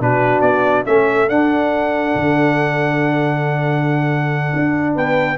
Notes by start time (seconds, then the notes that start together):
0.00 B2 D4 F#4 B4
0.41 B3 D5
0.86 A3 C#4 A4 E5
1.28 D4 F#5
2.16 D3
4.56 D4
4.94 B3 B4 G5